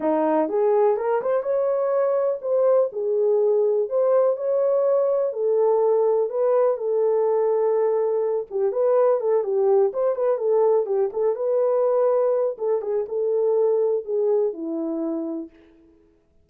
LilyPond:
\new Staff \with { instrumentName = "horn" } { \time 4/4 \tempo 4 = 124 dis'4 gis'4 ais'8 c''8 cis''4~ | cis''4 c''4 gis'2 | c''4 cis''2 a'4~ | a'4 b'4 a'2~ |
a'4. g'8 b'4 a'8 g'8~ | g'8 c''8 b'8 a'4 g'8 a'8 b'8~ | b'2 a'8 gis'8 a'4~ | a'4 gis'4 e'2 | }